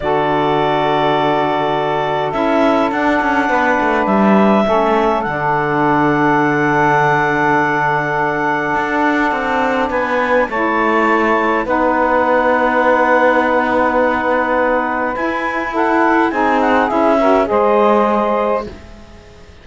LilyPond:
<<
  \new Staff \with { instrumentName = "clarinet" } { \time 4/4 \tempo 4 = 103 d''1 | e''4 fis''2 e''4~ | e''4 fis''2.~ | fis''1~ |
fis''4 gis''4 a''2 | fis''1~ | fis''2 gis''4 fis''4 | gis''8 fis''8 e''4 dis''2 | }
  \new Staff \with { instrumentName = "saxophone" } { \time 4/4 a'1~ | a'2 b'2 | a'1~ | a'1~ |
a'4 b'4 cis''2 | b'1~ | b'2. a'4 | gis'4. ais'8 c''2 | }
  \new Staff \with { instrumentName = "saxophone" } { \time 4/4 fis'1 | e'4 d'2. | cis'4 d'2.~ | d'1~ |
d'2 e'2 | dis'1~ | dis'2 e'2 | dis'4 e'8 fis'8 gis'2 | }
  \new Staff \with { instrumentName = "cello" } { \time 4/4 d1 | cis'4 d'8 cis'8 b8 a8 g4 | a4 d2.~ | d2. d'4 |
c'4 b4 a2 | b1~ | b2 e'2 | c'4 cis'4 gis2 | }
>>